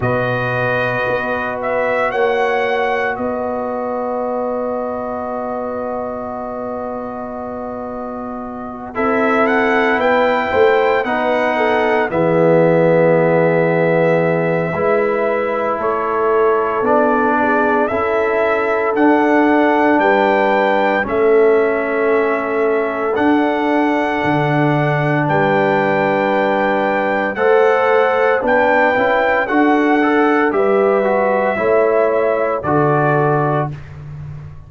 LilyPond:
<<
  \new Staff \with { instrumentName = "trumpet" } { \time 4/4 \tempo 4 = 57 dis''4. e''8 fis''4 dis''4~ | dis''1~ | dis''8 e''8 fis''8 g''4 fis''4 e''8~ | e''2. cis''4 |
d''4 e''4 fis''4 g''4 | e''2 fis''2 | g''2 fis''4 g''4 | fis''4 e''2 d''4 | }
  \new Staff \with { instrumentName = "horn" } { \time 4/4 b'2 cis''4 b'4~ | b'1~ | b'8 a'4 b'8 c''8 b'8 a'8 gis'8~ | gis'2 b'4 a'4~ |
a'8 gis'8 a'2 b'4 | a'1 | b'2 c''4 b'4 | a'4 b'4 cis''4 a'4 | }
  \new Staff \with { instrumentName = "trombone" } { \time 4/4 fis'1~ | fis'1~ | fis'8 e'2 dis'4 b8~ | b2 e'2 |
d'4 e'4 d'2 | cis'2 d'2~ | d'2 a'4 d'8 e'8 | fis'8 a'8 g'8 fis'8 e'4 fis'4 | }
  \new Staff \with { instrumentName = "tuba" } { \time 4/4 b,4 b4 ais4 b4~ | b1~ | b8 c'4 b8 a8 b4 e8~ | e2 gis4 a4 |
b4 cis'4 d'4 g4 | a2 d'4 d4 | g2 a4 b8 cis'8 | d'4 g4 a4 d4 | }
>>